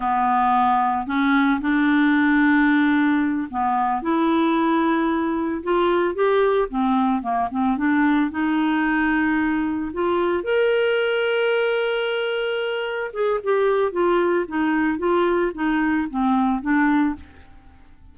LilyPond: \new Staff \with { instrumentName = "clarinet" } { \time 4/4 \tempo 4 = 112 b2 cis'4 d'4~ | d'2~ d'8 b4 e'8~ | e'2~ e'8 f'4 g'8~ | g'8 c'4 ais8 c'8 d'4 dis'8~ |
dis'2~ dis'8 f'4 ais'8~ | ais'1~ | ais'8 gis'8 g'4 f'4 dis'4 | f'4 dis'4 c'4 d'4 | }